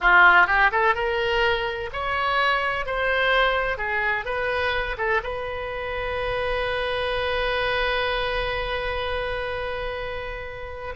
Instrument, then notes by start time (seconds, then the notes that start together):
oboe
0.00 F4
0.46 G4
0.71 A4
0.95 A#4
1.92 C#5
2.85 C5
3.77 G#4
4.25 B4
4.97 A4
5.23 B4